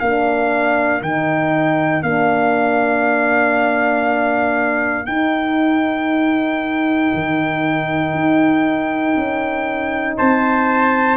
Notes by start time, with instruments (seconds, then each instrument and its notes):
0.00 tuba A#3, horn D4, trumpet A#4 F5
1.01 tuba D#3, horn D#4, trumpet G5
2.03 tuba A#3, horn D4, trumpet F5
5.06 tuba D#4, horn D#4, trumpet G5
7.14 tuba D#3
8.14 tuba D#4
9.17 tuba C#4
10.18 tuba C4, trumpet C5 A5